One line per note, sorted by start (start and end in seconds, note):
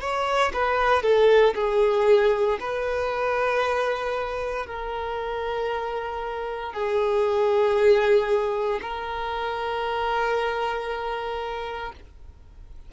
0.00 0.52 C#5
0.53 1.02 B4
1.02 1.54 A4
1.55 2.58 G#4
2.60 4.66 B4
4.66 6.73 A#4
6.73 8.80 G#4
8.82 11.92 A#4